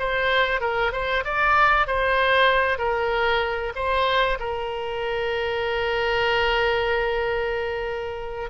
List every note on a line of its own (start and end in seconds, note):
0.00 0.61 C5
0.61 0.93 A#4
0.93 1.24 C5
1.25 1.87 D5
1.87 2.79 C5
2.79 3.73 A#4
3.76 4.39 C5
4.40 8.50 A#4